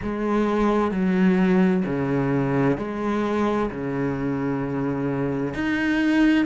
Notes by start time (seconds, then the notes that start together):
0.02 G#3
0.91 F#3
1.85 C#3
2.77 G#3
3.70 C#3
5.54 D#4